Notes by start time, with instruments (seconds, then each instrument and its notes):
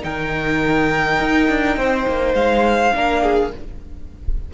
0.00 cello D#3, viola D#4, violin A#4 G5
1.20 cello D#4
1.48 cello D4
1.76 cello C4, violin C5
2.07 cello A#3
2.34 cello G#3, violin F5
2.94 cello A#3, viola D4, violin A#4
3.22 violin G#4